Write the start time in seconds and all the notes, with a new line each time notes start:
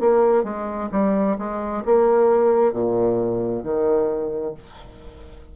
0.00 A#3
0.43 G#3
0.91 G3
1.38 G#3
1.85 A#3
2.72 A#2
3.63 D#3